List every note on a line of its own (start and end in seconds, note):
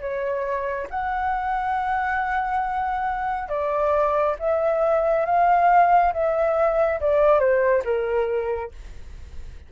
0.00 0.87 C#5
0.90 3.49 F#5
3.49 4.36 D5
4.39 5.25 E5
5.25 6.12 F5
6.13 7.00 E5
7.00 7.39 D5
7.39 7.83 C5
7.84 8.71 A#4